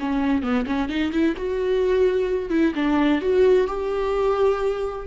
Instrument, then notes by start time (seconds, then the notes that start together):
viola
0.00 C#4
0.43 B3
0.67 C#4
0.89 D#4
1.12 E4
1.37 F#4
2.50 E4
2.75 D4
3.22 F#4
3.67 G4